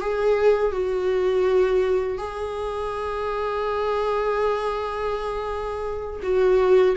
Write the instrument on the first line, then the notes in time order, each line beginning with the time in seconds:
viola
0.00 G#4
0.72 F#4
2.18 G#4
6.22 F#4